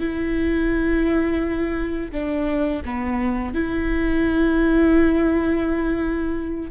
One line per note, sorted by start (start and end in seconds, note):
0.00 2.12 E4
2.12 2.83 D4
2.86 3.55 B3
3.55 6.72 E4